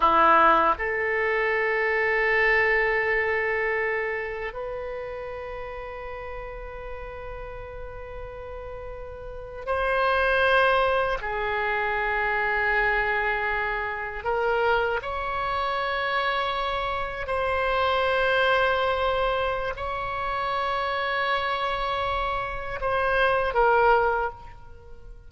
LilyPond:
\new Staff \with { instrumentName = "oboe" } { \time 4/4 \tempo 4 = 79 e'4 a'2.~ | a'2 b'2~ | b'1~ | b'8. c''2 gis'4~ gis'16~ |
gis'2~ gis'8. ais'4 cis''16~ | cis''2~ cis''8. c''4~ c''16~ | c''2 cis''2~ | cis''2 c''4 ais'4 | }